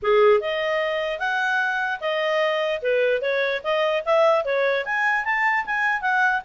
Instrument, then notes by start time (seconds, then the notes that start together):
clarinet
0.02 G#4
0.40 D#5
1.19 F#5
2.00 D#5
2.82 B4
3.21 C#5
3.63 D#5
4.05 E5
4.44 C#5
4.85 G#5
5.25 A5
5.65 G#5
6.01 F#5